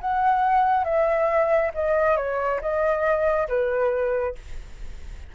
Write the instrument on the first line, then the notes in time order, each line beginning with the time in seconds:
flute
0.00 F#5
0.84 E5
1.74 D#5
2.16 C#5
2.60 D#5
3.48 B4